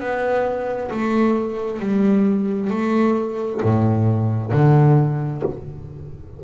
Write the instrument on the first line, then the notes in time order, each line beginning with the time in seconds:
double bass
0.00 B3
0.91 A3
1.80 G3
2.70 A3
3.63 A2
4.52 D3